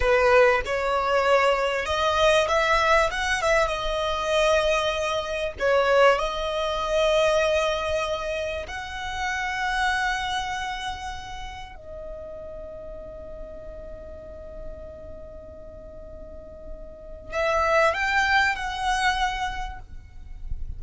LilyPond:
\new Staff \with { instrumentName = "violin" } { \time 4/4 \tempo 4 = 97 b'4 cis''2 dis''4 | e''4 fis''8 e''8 dis''2~ | dis''4 cis''4 dis''2~ | dis''2 fis''2~ |
fis''2. dis''4~ | dis''1~ | dis''1 | e''4 g''4 fis''2 | }